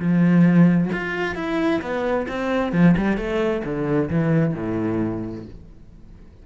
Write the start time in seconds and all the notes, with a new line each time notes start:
0.00 F3
0.93 F4
1.36 E4
1.82 B3
2.28 C4
2.73 F3
2.98 G3
3.18 A3
3.65 D3
4.10 E3
4.55 A2